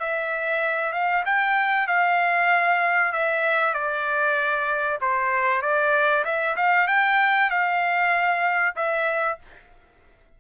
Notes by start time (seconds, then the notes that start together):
0.00 E5
0.93 F5
1.26 G5
1.88 F5
3.13 E5
3.74 D5
5.01 C5
5.62 D5
6.25 E5
6.57 F5
6.88 G5
7.51 F5
8.76 E5